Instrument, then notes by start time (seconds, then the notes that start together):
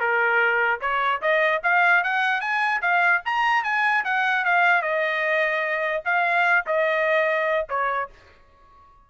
trumpet
0.00 A#4
0.81 C#5
1.22 D#5
1.63 F5
2.04 F#5
2.41 G#5
2.82 F5
3.25 A#5
3.64 G#5
4.04 F#5
4.45 F5
4.82 D#5
6.05 F5
6.66 D#5
7.69 C#5